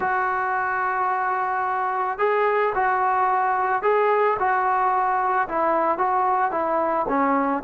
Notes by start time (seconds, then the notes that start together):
0.00 F#4
2.18 G#4
2.74 F#4
3.82 G#4
4.39 F#4
5.48 E4
5.98 F#4
6.51 E4
7.08 C#4